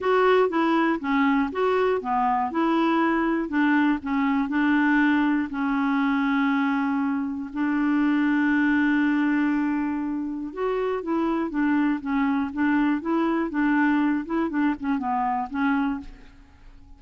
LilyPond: \new Staff \with { instrumentName = "clarinet" } { \time 4/4 \tempo 4 = 120 fis'4 e'4 cis'4 fis'4 | b4 e'2 d'4 | cis'4 d'2 cis'4~ | cis'2. d'4~ |
d'1~ | d'4 fis'4 e'4 d'4 | cis'4 d'4 e'4 d'4~ | d'8 e'8 d'8 cis'8 b4 cis'4 | }